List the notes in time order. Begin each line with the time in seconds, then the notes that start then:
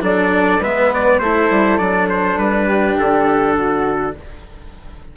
0.00 F#3 D4 A4 D5
0.60 G#3 B3 B4 E5
0.94 D5
1.19 A3 E4 A4 C5
1.50 G3
1.78 F#3 D4 D5
2.09 C5
2.37 G3 B4
2.66 G4
2.96 D3 A4
3.55 F#4